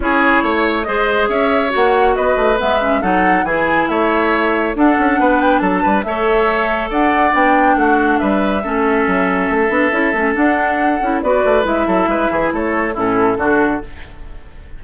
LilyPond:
<<
  \new Staff \with { instrumentName = "flute" } { \time 4/4 \tempo 4 = 139 cis''2 dis''4 e''4 | fis''4 dis''4 e''4 fis''4 | gis''4 e''2 fis''4~ | fis''8 g''8 a''4 e''2 |
fis''4 g''4 fis''4 e''4~ | e''1 | fis''2 d''4 e''4~ | e''4 cis''4 a'2 | }
  \new Staff \with { instrumentName = "oboe" } { \time 4/4 gis'4 cis''4 c''4 cis''4~ | cis''4 b'2 a'4 | gis'4 cis''2 a'4 | b'4 a'8 b'8 cis''2 |
d''2 fis'4 b'4 | a'1~ | a'2 b'4. a'8 | b'8 gis'8 a'4 e'4 fis'4 | }
  \new Staff \with { instrumentName = "clarinet" } { \time 4/4 e'2 gis'2 | fis'2 b8 cis'8 dis'4 | e'2. d'4~ | d'2 a'2~ |
a'4 d'2. | cis'2~ cis'8 d'8 e'8 cis'8 | d'4. e'8 fis'4 e'4~ | e'2 cis'4 d'4 | }
  \new Staff \with { instrumentName = "bassoon" } { \time 4/4 cis'4 a4 gis4 cis'4 | ais4 b8 a8 gis4 fis4 | e4 a2 d'8 cis'8 | b4 fis8 g8 a2 |
d'4 b4 a4 g4 | a4 fis4 a8 b8 cis'8 a8 | d'4. cis'8 b8 a8 gis8 fis8 | gis8 e8 a4 a,4 d4 | }
>>